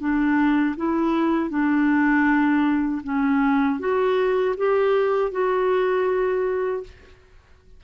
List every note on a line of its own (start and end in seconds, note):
0.00 0.76 D4
0.77 1.50 E4
1.50 3.02 D4
3.04 3.80 C#4
3.80 4.56 F#4
4.57 5.32 G4
5.32 6.84 F#4